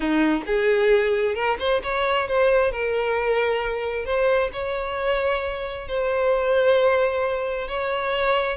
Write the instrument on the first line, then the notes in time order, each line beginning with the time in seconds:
violin
0.00 D#4
0.46 G#4
1.34 A#4
1.59 C5
1.83 C#5
2.28 C5
2.71 A#4
4.05 C5
4.52 C#5
5.87 C5
7.68 C#5